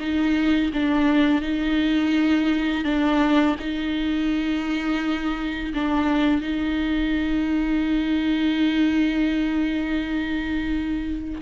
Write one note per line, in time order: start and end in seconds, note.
0.00 0.71 D#4
0.74 1.42 D4
1.42 2.84 D#4
2.84 3.56 D4
3.59 5.74 D#4
5.74 6.42 D4
6.42 11.42 D#4